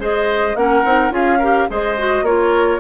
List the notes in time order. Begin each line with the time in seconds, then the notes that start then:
0.00 G#3 G#4 C5 D#5
0.55 A#3 C#4 A#4 F#5
0.85 C4 D#4
1.10 C#4 F4 G#4 F5
1.39 G4 A#4
1.69 G#3 G#4 C5 D#5
1.98 F#4
2.22 A#3 F4 A#4 C#5